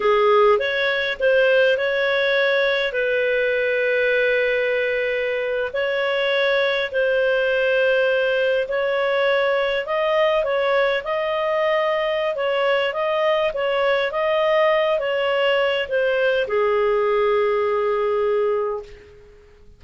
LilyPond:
\new Staff \with { instrumentName = "clarinet" } { \time 4/4 \tempo 4 = 102 gis'4 cis''4 c''4 cis''4~ | cis''4 b'2.~ | b'4.~ b'16 cis''2 c''16~ | c''2~ c''8. cis''4~ cis''16~ |
cis''8. dis''4 cis''4 dis''4~ dis''16~ | dis''4 cis''4 dis''4 cis''4 | dis''4. cis''4. c''4 | gis'1 | }